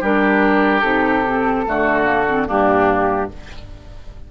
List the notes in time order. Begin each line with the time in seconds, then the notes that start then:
0.00 G3 D4 G4 A#4
0.80 C3 D#4 A4
1.27 C4
1.66 D3 A3 F#4
2.04 A#3
2.29 C4
2.46 G2 A#3 D4 G4